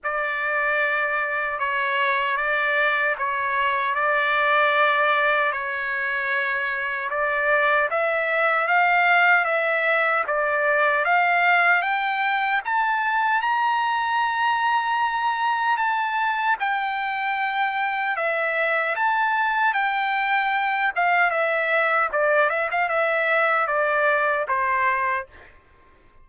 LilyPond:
\new Staff \with { instrumentName = "trumpet" } { \time 4/4 \tempo 4 = 76 d''2 cis''4 d''4 | cis''4 d''2 cis''4~ | cis''4 d''4 e''4 f''4 | e''4 d''4 f''4 g''4 |
a''4 ais''2. | a''4 g''2 e''4 | a''4 g''4. f''8 e''4 | d''8 e''16 f''16 e''4 d''4 c''4 | }